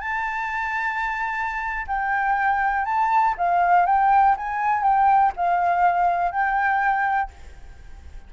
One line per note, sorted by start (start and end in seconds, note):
0.00 1.86 A5
1.87 2.85 G5
2.85 3.35 A5
3.38 3.86 F5
3.86 4.36 G5
4.37 4.83 G#5
4.83 5.32 G5
5.36 6.32 F5
6.32 7.31 G5